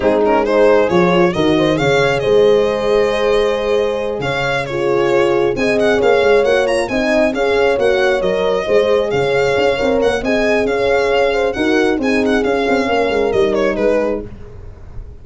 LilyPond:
<<
  \new Staff \with { instrumentName = "violin" } { \time 4/4 \tempo 4 = 135 gis'8 ais'8 c''4 cis''4 dis''4 | f''4 dis''2.~ | dis''4. f''4 cis''4.~ | cis''8 gis''8 fis''8 f''4 fis''8 ais''8 gis''8~ |
gis''8 f''4 fis''4 dis''4.~ | dis''8 f''2 fis''8 gis''4 | f''2 fis''4 gis''8 fis''8 | f''2 dis''8 cis''8 b'4 | }
  \new Staff \with { instrumentName = "horn" } { \time 4/4 dis'4 gis'2 ais'8 c''8 | cis''4 c''2.~ | c''4. cis''4 gis'4.~ | gis'8 dis''4 cis''2 dis''8~ |
dis''8 cis''2. c''8~ | c''8 cis''2~ cis''8 dis''4 | cis''4. c''8 ais'4 gis'4~ | gis'4 ais'2 gis'4 | }
  \new Staff \with { instrumentName = "horn" } { \time 4/4 c'8 cis'8 dis'4 f'4 fis'4 | gis'1~ | gis'2~ gis'8 f'4.~ | f'8 gis'2 fis'8 f'8 dis'8~ |
dis'8 gis'4 fis'4 ais'4 gis'8~ | gis'2 ais'4 gis'4~ | gis'2 fis'4 dis'4 | cis'2 dis'2 | }
  \new Staff \with { instrumentName = "tuba" } { \time 4/4 gis2 f4 dis4 | cis4 gis2.~ | gis4. cis2~ cis8~ | cis8 c'4 ais8 gis8 ais4 c'8~ |
c'8 cis'4 ais4 fis4 gis8~ | gis8 cis4 cis'8 c'8 ais8 c'4 | cis'2 dis'4 c'4 | cis'8 c'8 ais8 gis8 g4 gis4 | }
>>